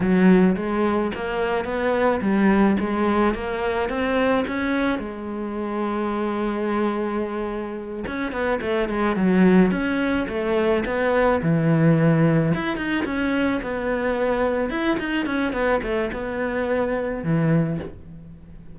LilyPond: \new Staff \with { instrumentName = "cello" } { \time 4/4 \tempo 4 = 108 fis4 gis4 ais4 b4 | g4 gis4 ais4 c'4 | cis'4 gis2.~ | gis2~ gis8 cis'8 b8 a8 |
gis8 fis4 cis'4 a4 b8~ | b8 e2 e'8 dis'8 cis'8~ | cis'8 b2 e'8 dis'8 cis'8 | b8 a8 b2 e4 | }